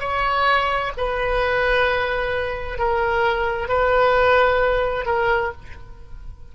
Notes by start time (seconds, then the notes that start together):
0.00 C#5
0.97 B4
2.78 A#4
3.68 B4
5.06 A#4